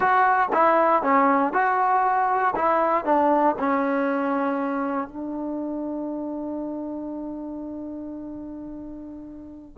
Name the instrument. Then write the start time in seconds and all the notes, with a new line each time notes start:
trombone
0.00 F#4
0.52 E4
1.03 C#4
1.52 F#4
2.55 E4
3.04 D4
3.58 C#4
5.08 D4